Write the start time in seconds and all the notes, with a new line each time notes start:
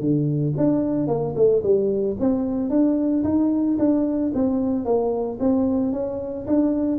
0.00 D3
0.57 D4
1.07 A#3
1.36 A3
1.63 G3
2.20 C4
2.70 D4
3.24 D#4
3.79 D4
4.34 C4
4.85 A#3
5.40 C4
5.92 C#4
6.47 D4